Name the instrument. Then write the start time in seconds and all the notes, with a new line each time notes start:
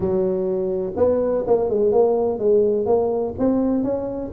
tuba
0.00 F#3
0.96 B3
1.46 A#3
1.69 G#3
1.92 A#3
2.38 G#3
2.86 A#3
3.38 C4
3.83 C#4